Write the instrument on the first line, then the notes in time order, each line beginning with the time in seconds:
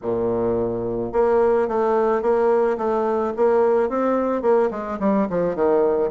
bassoon
0.02 A#2
1.12 A#3
1.68 A3
2.21 A#3
2.77 A3
3.36 A#3
3.89 C4
4.41 A#3
4.70 G#3
4.99 G3
5.29 F3
5.55 D#3